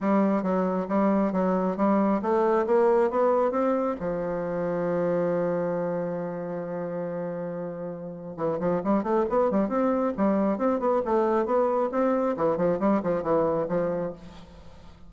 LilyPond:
\new Staff \with { instrumentName = "bassoon" } { \time 4/4 \tempo 4 = 136 g4 fis4 g4 fis4 | g4 a4 ais4 b4 | c'4 f2.~ | f1~ |
f2. e8 f8 | g8 a8 b8 g8 c'4 g4 | c'8 b8 a4 b4 c'4 | e8 f8 g8 f8 e4 f4 | }